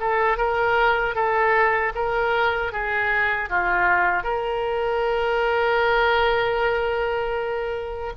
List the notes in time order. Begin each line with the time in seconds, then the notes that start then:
0.00 A4
0.38 A#4
1.15 A4
1.96 A#4
2.73 G#4
3.50 F4
4.24 A#4